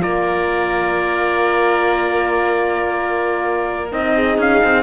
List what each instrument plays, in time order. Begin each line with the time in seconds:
0.00 cello A#3, horn F4, violin A#4, trumpet D5
3.92 cello C4, horn D#4, trumpet D#5
4.15 violin G#4
4.38 cello C#4, trumpet F5
4.63 cello C4